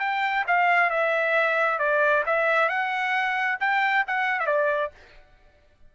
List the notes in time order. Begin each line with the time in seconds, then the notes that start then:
0.00 G5
0.48 F5
0.90 E5
1.79 D5
2.26 E5
2.69 F#5
3.60 G5
4.07 F#5
4.40 E5
4.47 D5